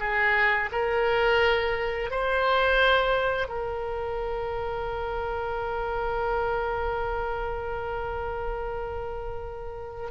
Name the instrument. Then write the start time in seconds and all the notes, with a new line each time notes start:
oboe
0.00 G#4
0.72 A#4
2.11 C5
3.48 A#4